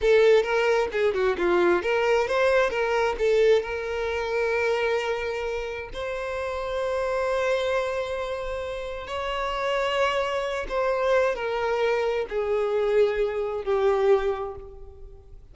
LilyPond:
\new Staff \with { instrumentName = "violin" } { \time 4/4 \tempo 4 = 132 a'4 ais'4 gis'8 fis'8 f'4 | ais'4 c''4 ais'4 a'4 | ais'1~ | ais'4 c''2.~ |
c''1 | cis''2.~ cis''8 c''8~ | c''4 ais'2 gis'4~ | gis'2 g'2 | }